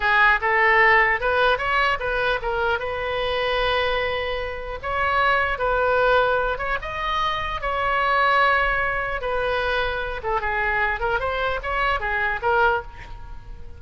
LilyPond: \new Staff \with { instrumentName = "oboe" } { \time 4/4 \tempo 4 = 150 gis'4 a'2 b'4 | cis''4 b'4 ais'4 b'4~ | b'1 | cis''2 b'2~ |
b'8 cis''8 dis''2 cis''4~ | cis''2. b'4~ | b'4. a'8 gis'4. ais'8 | c''4 cis''4 gis'4 ais'4 | }